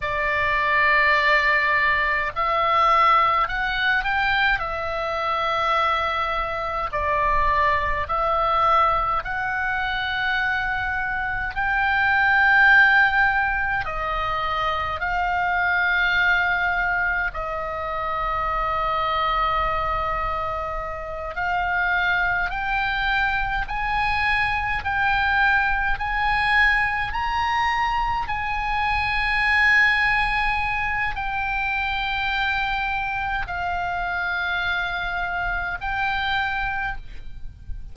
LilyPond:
\new Staff \with { instrumentName = "oboe" } { \time 4/4 \tempo 4 = 52 d''2 e''4 fis''8 g''8 | e''2 d''4 e''4 | fis''2 g''2 | dis''4 f''2 dis''4~ |
dis''2~ dis''8 f''4 g''8~ | g''8 gis''4 g''4 gis''4 ais''8~ | ais''8 gis''2~ gis''8 g''4~ | g''4 f''2 g''4 | }